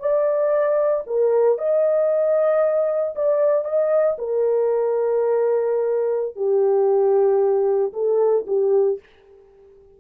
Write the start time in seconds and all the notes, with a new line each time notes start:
0.00 D5
1.07 A#4
1.58 D#5
3.16 D5
3.65 D#5
4.19 A#4
6.36 G4
7.94 A4
8.47 G4